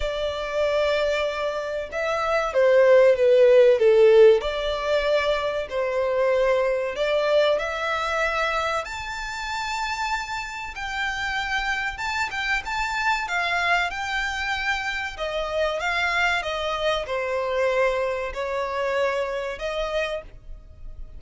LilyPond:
\new Staff \with { instrumentName = "violin" } { \time 4/4 \tempo 4 = 95 d''2. e''4 | c''4 b'4 a'4 d''4~ | d''4 c''2 d''4 | e''2 a''2~ |
a''4 g''2 a''8 g''8 | a''4 f''4 g''2 | dis''4 f''4 dis''4 c''4~ | c''4 cis''2 dis''4 | }